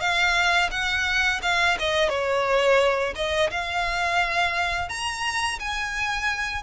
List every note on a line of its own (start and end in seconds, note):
0.00 0.70 F5
0.71 1.41 F#5
1.42 1.77 F5
1.79 2.09 D#5
2.09 3.14 C#5
3.15 3.50 D#5
3.50 4.89 F5
4.89 5.59 A#5
5.59 6.62 G#5